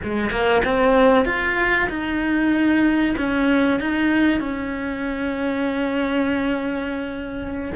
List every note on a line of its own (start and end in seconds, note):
0.03 0.30 G#3
0.30 0.62 A#3
0.64 1.25 C4
1.25 1.88 F4
1.89 3.15 D#4
3.17 3.80 C#4
3.80 4.40 D#4
4.40 7.71 C#4